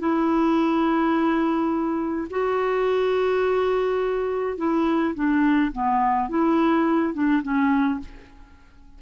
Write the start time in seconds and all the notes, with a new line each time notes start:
0.00 E4
2.31 F#4
4.58 E4
5.15 D4
5.73 B3
6.29 E4
7.14 D4
7.43 C#4